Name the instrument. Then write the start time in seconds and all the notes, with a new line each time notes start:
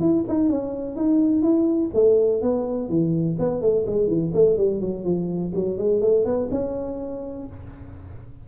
tuba
0.00 E4
0.28 D#4
0.49 C#4
0.96 D#4
1.42 E4
1.94 A3
2.42 B3
2.89 E3
3.39 B3
3.61 A3
3.86 G#3
4.07 E3
4.34 A3
4.57 G3
4.80 F#3
5.04 F3
5.54 F#3
5.78 G#3
6.01 A3
6.25 B3
6.51 C#4